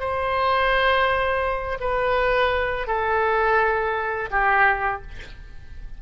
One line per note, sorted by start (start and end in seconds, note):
0.00 1.79 C5
1.81 2.87 B4
2.87 4.30 A4
4.31 5.02 G4